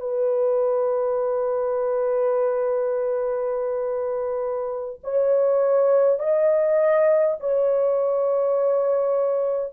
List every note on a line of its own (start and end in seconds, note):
0.00 5.00 B4
5.04 6.19 C#5
6.19 7.37 D#5
7.40 9.73 C#5